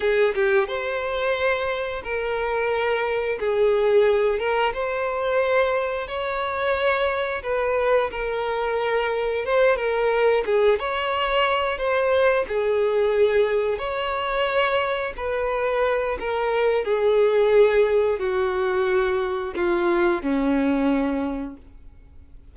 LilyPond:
\new Staff \with { instrumentName = "violin" } { \time 4/4 \tempo 4 = 89 gis'8 g'8 c''2 ais'4~ | ais'4 gis'4. ais'8 c''4~ | c''4 cis''2 b'4 | ais'2 c''8 ais'4 gis'8 |
cis''4. c''4 gis'4.~ | gis'8 cis''2 b'4. | ais'4 gis'2 fis'4~ | fis'4 f'4 cis'2 | }